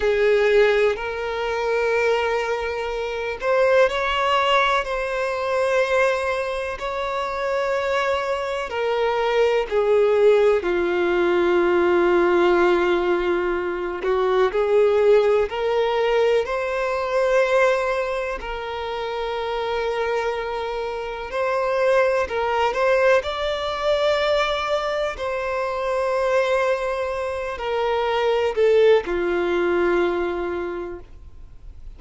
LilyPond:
\new Staff \with { instrumentName = "violin" } { \time 4/4 \tempo 4 = 62 gis'4 ais'2~ ais'8 c''8 | cis''4 c''2 cis''4~ | cis''4 ais'4 gis'4 f'4~ | f'2~ f'8 fis'8 gis'4 |
ais'4 c''2 ais'4~ | ais'2 c''4 ais'8 c''8 | d''2 c''2~ | c''8 ais'4 a'8 f'2 | }